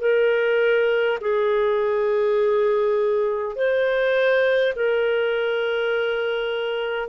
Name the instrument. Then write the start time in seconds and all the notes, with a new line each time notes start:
clarinet
0.00 A#4
1.20 G#4
3.55 C5
4.75 A#4